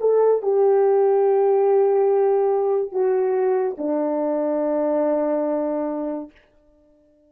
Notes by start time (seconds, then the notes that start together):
0.00 A4
0.42 G4
2.92 F#4
3.78 D4